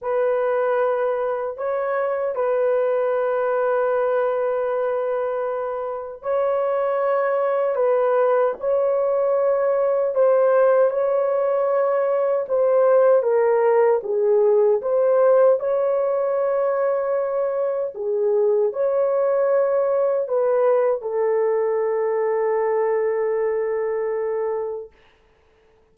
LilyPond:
\new Staff \with { instrumentName = "horn" } { \time 4/4 \tempo 4 = 77 b'2 cis''4 b'4~ | b'1 | cis''2 b'4 cis''4~ | cis''4 c''4 cis''2 |
c''4 ais'4 gis'4 c''4 | cis''2. gis'4 | cis''2 b'4 a'4~ | a'1 | }